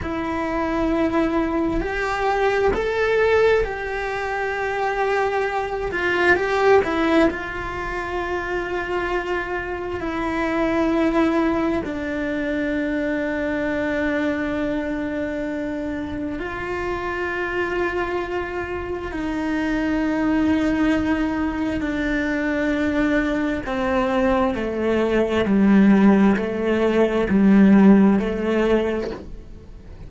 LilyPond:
\new Staff \with { instrumentName = "cello" } { \time 4/4 \tempo 4 = 66 e'2 g'4 a'4 | g'2~ g'8 f'8 g'8 e'8 | f'2. e'4~ | e'4 d'2.~ |
d'2 f'2~ | f'4 dis'2. | d'2 c'4 a4 | g4 a4 g4 a4 | }